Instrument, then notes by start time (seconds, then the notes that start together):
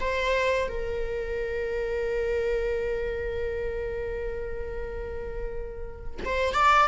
viola
0.00 C5
0.68 A#4
6.25 C5
6.54 D5